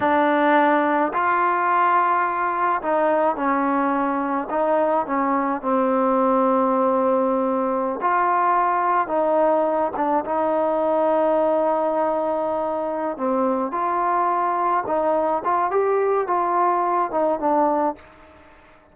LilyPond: \new Staff \with { instrumentName = "trombone" } { \time 4/4 \tempo 4 = 107 d'2 f'2~ | f'4 dis'4 cis'2 | dis'4 cis'4 c'2~ | c'2~ c'16 f'4.~ f'16~ |
f'16 dis'4. d'8 dis'4.~ dis'16~ | dis'2.~ dis'8 c'8~ | c'8 f'2 dis'4 f'8 | g'4 f'4. dis'8 d'4 | }